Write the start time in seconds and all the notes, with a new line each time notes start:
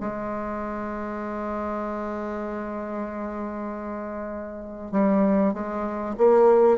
0.00 G#3
4.91 G3
5.53 G#3
6.17 A#3